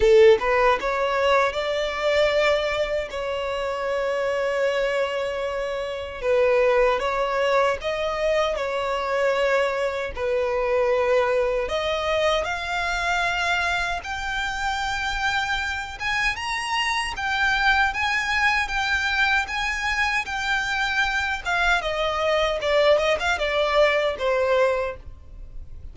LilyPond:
\new Staff \with { instrumentName = "violin" } { \time 4/4 \tempo 4 = 77 a'8 b'8 cis''4 d''2 | cis''1 | b'4 cis''4 dis''4 cis''4~ | cis''4 b'2 dis''4 |
f''2 g''2~ | g''8 gis''8 ais''4 g''4 gis''4 | g''4 gis''4 g''4. f''8 | dis''4 d''8 dis''16 f''16 d''4 c''4 | }